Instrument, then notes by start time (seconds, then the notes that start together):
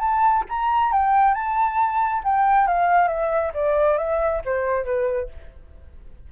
flute
0.00 A5
0.49 A#5
0.93 G5
1.35 A5
2.24 G5
2.68 F5
3.08 E5
3.54 D5
3.98 E5
4.45 C5
4.85 B4